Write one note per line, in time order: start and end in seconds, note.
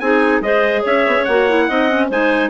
0.00 0.41 C4
0.00 0.43 D#4
0.00 0.44 G#4
0.00 0.42 G#5
0.41 0.83 G#3
0.41 1.26 G#4
0.41 0.82 C5
0.41 0.84 D#5
0.82 1.07 C#4
0.82 1.66 C#5
0.82 1.24 E5
1.07 1.16 B3
1.16 1.26 C#4
1.24 1.69 A#3
1.24 1.49 F#4
1.24 2.08 F#5
1.49 1.70 E4
1.68 2.10 C4
1.68 1.89 D#4
1.68 2.09 D#5
1.89 2.10 C#4
2.09 2.50 G#3
2.09 2.50 D#4
2.09 2.50 C5
2.09 2.50 G#5